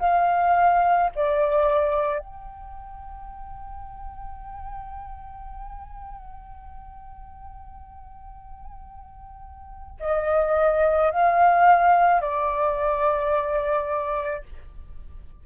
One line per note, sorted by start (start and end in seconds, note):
0.00 1.11 F5
1.16 2.20 D5
2.20 9.97 G5
10.01 11.12 D#5
11.12 12.22 F5
12.22 14.44 D5